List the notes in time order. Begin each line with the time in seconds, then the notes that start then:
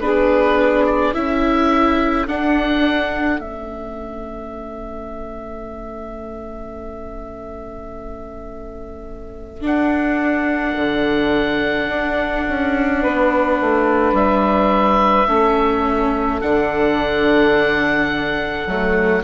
0.00 B3 D4 G#4 B4
0.86 D5
1.14 C#4 E4 A4 E5
2.26 D4 F#5
3.40 A3 C#4 E5
9.61 D4 F#5
10.76 D3
11.88 D4
12.49 C#4
13.01 B3 B4
13.61 A3
14.13 G3 E5
15.27 A3 C#4 A4
16.41 D3 D4 F#5
18.66 F#3 A3